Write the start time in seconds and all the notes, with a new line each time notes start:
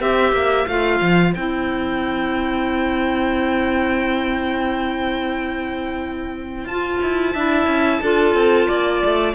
0.00 C4 G4 C5 E5
0.33 A#3
0.67 A3 F4 F5
1.01 F3
1.35 C4 E4 G5
6.65 F4 A5
7.03 E4
7.33 D4 E4 E5
7.67 C#4
8.02 D4 F4 A4
8.34 C4
8.68 A#3 D5
9.06 A3